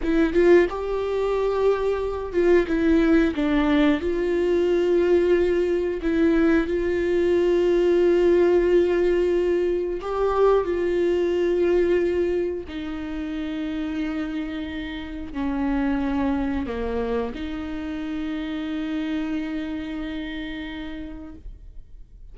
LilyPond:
\new Staff \with { instrumentName = "viola" } { \time 4/4 \tempo 4 = 90 e'8 f'8 g'2~ g'8 f'8 | e'4 d'4 f'2~ | f'4 e'4 f'2~ | f'2. g'4 |
f'2. dis'4~ | dis'2. cis'4~ | cis'4 ais4 dis'2~ | dis'1 | }